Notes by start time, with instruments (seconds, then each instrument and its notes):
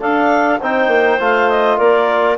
0.00 trombone D4, bassoon D4, clarinet A4 F5
0.60 bassoon C4, trombone D#4, clarinet C5 G5
0.88 bassoon A#3
1.19 bassoon A3, trombone F4, clarinet F5
1.49 clarinet D#5
1.78 bassoon A#3, clarinet A#4 D5